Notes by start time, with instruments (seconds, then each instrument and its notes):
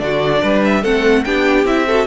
0.00 cello D3, viola D4, violin F#4 D5
0.43 cello G3, violin B4
0.65 violin E5
0.82 cello A3, viola C4, violin A4 F#5
1.24 cello B3, viola D4, violin G4 G5
1.65 cello C4, viola E4, violin E5
1.87 viola F#4, violin A4